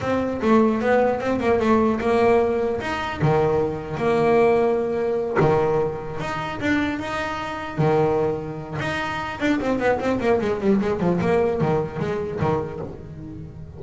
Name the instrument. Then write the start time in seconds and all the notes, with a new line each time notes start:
double bass
0.00 C4
0.41 A3
0.81 B3
1.20 C4
1.40 A#3
1.59 A3
2.00 A#3
2.80 D#4
3.21 D#3
3.97 A#3
5.39 D#3
6.20 D#4
6.60 D4
6.99 D#4
7.78 D#3
8.79 D#4
9.40 D4
9.60 C4
9.79 B3
9.99 C4
10.20 A#3
10.40 G#3
10.60 G3
10.81 G#3
10.99 F3
11.21 A#3
11.60 D#3
11.99 G#3
12.39 D#3